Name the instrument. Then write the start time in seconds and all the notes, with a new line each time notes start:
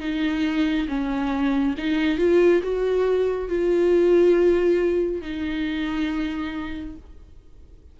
viola
0.00 D#4
0.88 C#4
1.77 D#4
2.18 F4
2.62 F#4
3.49 F4
5.21 D#4